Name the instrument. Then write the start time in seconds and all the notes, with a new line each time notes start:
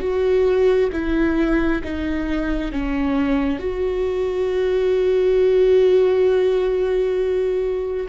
viola
0.00 F#4
0.92 E4
1.84 D#4
2.72 C#4
3.59 F#4